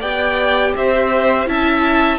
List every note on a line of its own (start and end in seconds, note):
0.00 0.74 B3
0.00 1.47 G4
0.00 0.72 D5
0.00 0.74 G5
0.76 1.47 C4
0.76 1.49 C5
0.76 1.49 E5
1.47 2.19 C#4
1.47 2.19 E4
1.47 2.19 E5
1.47 2.19 A5